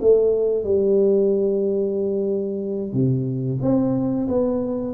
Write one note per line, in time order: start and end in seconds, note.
0.00 0.64 A3
0.64 2.93 G3
2.93 3.58 C3
3.61 4.27 C4
4.28 4.94 B3